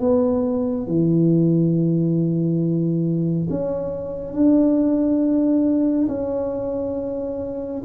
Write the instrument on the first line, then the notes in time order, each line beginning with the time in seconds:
tuba
0.00 B3
0.87 E3
3.50 C#4
4.33 D4
6.08 C#4